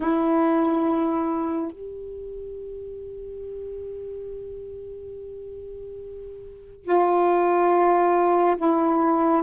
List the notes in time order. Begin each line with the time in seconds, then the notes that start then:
0.00 E4
1.71 G4
6.84 F4
8.57 E4